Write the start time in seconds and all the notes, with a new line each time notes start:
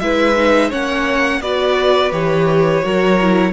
0.00 G#3 E4 B4 E5
0.36 D#4
0.70 A#3 C#4 C#5 F#5
1.41 B3 F#4 B4 D5
2.12 E3 G4 C#5
2.82 F#3 F#4 A#4
3.22 E4